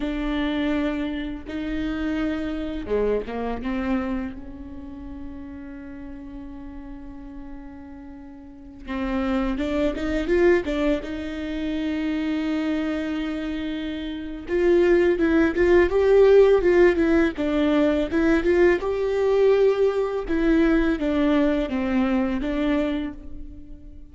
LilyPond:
\new Staff \with { instrumentName = "viola" } { \time 4/4 \tempo 4 = 83 d'2 dis'2 | gis8 ais8 c'4 cis'2~ | cis'1~ | cis'16 c'4 d'8 dis'8 f'8 d'8 dis'8.~ |
dis'1 | f'4 e'8 f'8 g'4 f'8 e'8 | d'4 e'8 f'8 g'2 | e'4 d'4 c'4 d'4 | }